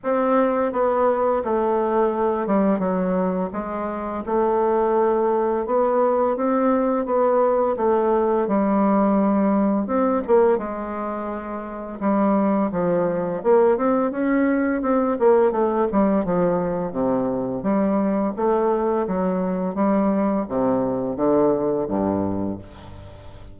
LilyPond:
\new Staff \with { instrumentName = "bassoon" } { \time 4/4 \tempo 4 = 85 c'4 b4 a4. g8 | fis4 gis4 a2 | b4 c'4 b4 a4 | g2 c'8 ais8 gis4~ |
gis4 g4 f4 ais8 c'8 | cis'4 c'8 ais8 a8 g8 f4 | c4 g4 a4 fis4 | g4 c4 d4 g,4 | }